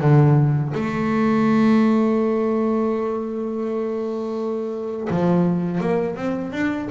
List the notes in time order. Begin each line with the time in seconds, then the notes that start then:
0.00 D3
0.75 A3
5.10 F3
5.81 A#3
6.16 C4
6.53 D4